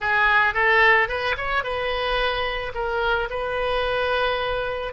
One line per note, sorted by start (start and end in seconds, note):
0.00 0.54 G#4
0.54 1.08 A4
1.08 1.35 B4
1.37 1.63 C#5
1.63 2.72 B4
2.74 3.29 A#4
3.30 4.93 B4